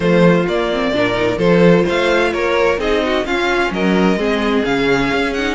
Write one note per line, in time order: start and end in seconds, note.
0.00 0.46 F3
0.00 0.44 A3
0.00 0.90 F4
0.00 0.46 C5
0.47 0.91 A#3
0.47 0.72 A#3
0.47 1.39 D5
0.72 0.93 C4
0.91 1.37 A#2
0.91 1.13 D4
0.91 1.38 A#4
1.13 1.37 D#4
1.37 1.84 F3
1.37 2.78 F4
1.37 1.84 A4
1.37 1.85 C5
1.84 2.34 A3
1.84 2.31 C5
1.84 2.32 F5
2.32 2.78 A#3
2.32 2.80 A#4
2.32 2.79 C#5
2.78 3.24 C4
2.78 3.24 D#4
2.78 3.03 G#4
2.78 3.26 D#5
3.05 3.26 F#4
3.25 3.70 C#4
3.25 4.18 C#4
3.25 3.73 F4
3.25 3.72 F5
3.70 4.15 F#3
3.70 4.18 A#4
3.70 4.64 D#5
4.15 4.62 G#3
4.15 4.64 C4
4.15 5.55 G#4
4.64 5.10 C#3
4.64 5.34 C#4
4.64 5.33 F5
5.12 5.55 C#4
5.33 5.55 D#4
5.33 5.55 F#5